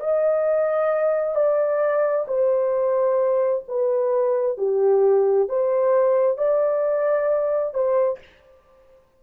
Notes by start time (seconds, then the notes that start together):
0.00 D#5
1.35 D5
2.28 C5
3.68 B4
4.58 G4
5.49 C5
6.38 D5
7.74 C5